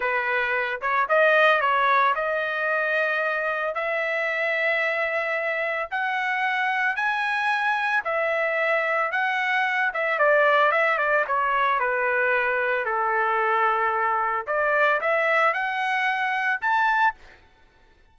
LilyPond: \new Staff \with { instrumentName = "trumpet" } { \time 4/4 \tempo 4 = 112 b'4. cis''8 dis''4 cis''4 | dis''2. e''4~ | e''2. fis''4~ | fis''4 gis''2 e''4~ |
e''4 fis''4. e''8 d''4 | e''8 d''8 cis''4 b'2 | a'2. d''4 | e''4 fis''2 a''4 | }